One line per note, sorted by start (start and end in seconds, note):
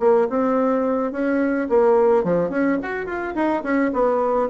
0.00 0.28 A#3
0.30 1.12 C4
1.12 1.68 C#4
1.70 2.24 A#3
2.24 2.50 F3
2.50 2.78 C#4
2.83 3.06 F#4
3.06 3.34 F4
3.35 3.63 D#4
3.63 3.92 C#4
3.94 4.50 B3